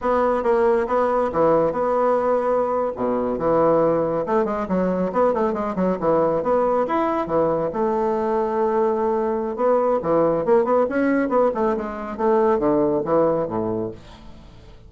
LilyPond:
\new Staff \with { instrumentName = "bassoon" } { \time 4/4 \tempo 4 = 138 b4 ais4 b4 e4 | b2~ b8. b,4 e16~ | e4.~ e16 a8 gis8 fis4 b16~ | b16 a8 gis8 fis8 e4 b4 e'16~ |
e'8. e4 a2~ a16~ | a2 b4 e4 | ais8 b8 cis'4 b8 a8 gis4 | a4 d4 e4 a,4 | }